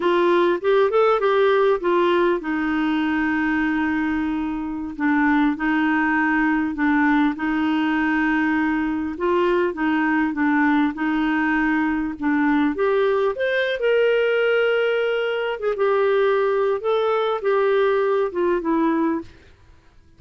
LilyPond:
\new Staff \with { instrumentName = "clarinet" } { \time 4/4 \tempo 4 = 100 f'4 g'8 a'8 g'4 f'4 | dis'1~ | dis'16 d'4 dis'2 d'8.~ | d'16 dis'2. f'8.~ |
f'16 dis'4 d'4 dis'4.~ dis'16~ | dis'16 d'4 g'4 c''8. ais'4~ | ais'2 gis'16 g'4.~ g'16 | a'4 g'4. f'8 e'4 | }